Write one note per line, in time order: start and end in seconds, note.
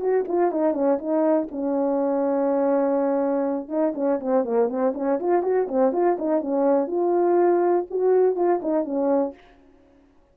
0.00 0.25 F#4
0.28 0.51 F4
0.51 0.74 D#4
0.74 0.98 C#4
0.99 1.48 D#4
1.51 3.69 C#4
3.69 3.93 D#4
3.95 4.20 C#4
4.20 4.44 C4
4.44 4.69 A#3
4.69 4.93 C4
4.95 5.19 C#4
5.20 5.43 F4
5.43 5.67 F#4
5.68 5.93 C4
5.93 6.17 F4
6.19 6.41 D#4
6.41 6.87 C#4
6.87 7.86 F4
7.90 8.36 F#4
8.36 8.60 F4
8.62 8.85 D#4
8.85 9.34 C#4